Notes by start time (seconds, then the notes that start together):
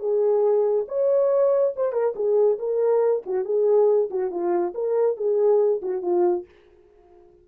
0.00 G#4
0.88 C#5
1.76 C5
1.93 A#4
2.16 G#4
2.59 A#4
3.26 F#4
3.45 G#4
4.10 F#4
4.31 F4
4.75 A#4
5.17 G#4
5.82 F#4
6.02 F4